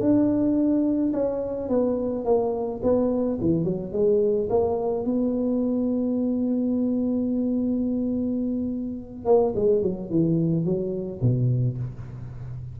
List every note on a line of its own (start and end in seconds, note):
0.00 1.12 D4
1.13 1.69 C#4
1.69 2.25 B3
2.25 2.81 A#3
2.83 3.39 B3
3.41 3.64 E3
3.64 3.92 F#3
3.92 4.48 G#3
4.49 5.04 A#3
5.04 9.25 B3
9.25 9.53 A#3
9.55 9.82 G#3
9.82 10.10 F#3
10.10 10.65 E3
10.65 11.21 F#3
11.21 11.78 B2